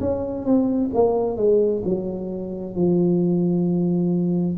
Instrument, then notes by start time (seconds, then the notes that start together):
tuba
0.00 C#4
0.45 C4
0.93 A#3
1.36 G#3
1.85 F#3
2.75 F3